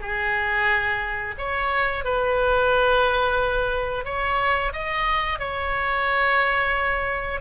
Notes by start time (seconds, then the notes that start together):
0.00 G#4
1.38 C#5
2.04 B4
4.05 C#5
4.73 D#5
5.39 C#5